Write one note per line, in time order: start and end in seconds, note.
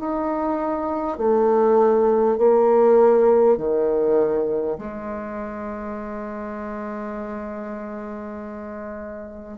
0.00 1.18 D#4
1.18 2.38 A3
2.38 3.58 A#3
3.58 4.78 D#3
4.78 9.58 G#3